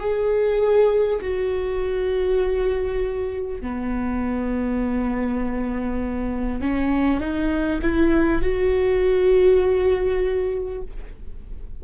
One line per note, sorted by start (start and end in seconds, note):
0.00 1.20 G#4
1.21 3.61 F#4
3.61 6.61 B3
6.62 7.21 C#4
7.21 7.81 D#4
7.82 8.42 E4
8.42 10.82 F#4